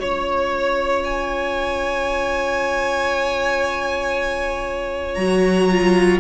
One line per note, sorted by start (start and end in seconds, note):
0.00 5.17 C#4
0.00 5.19 F4
0.00 1.03 C#5
0.00 6.20 C#5
1.05 5.15 G#5
5.15 6.20 F#3
5.15 5.70 F#4
5.15 6.18 A#5
5.70 6.20 F4